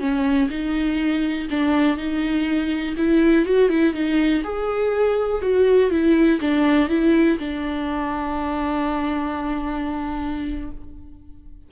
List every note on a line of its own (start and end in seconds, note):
0.00 0.49 C#4
0.50 1.48 D#4
1.51 1.97 D4
1.97 2.96 D#4
2.98 3.46 E4
3.46 3.70 F#4
3.70 3.94 E4
3.94 4.43 D#4
4.44 5.42 G#4
5.42 5.91 F#4
5.91 6.40 E4
6.41 6.89 D4
6.89 7.38 E4
7.39 10.71 D4